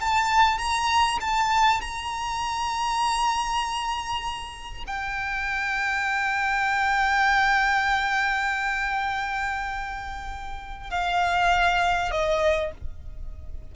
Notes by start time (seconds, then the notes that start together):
0.00 A5
0.58 A#5
1.20 A5
1.80 A#5
4.87 G5
10.90 F5
12.10 D#5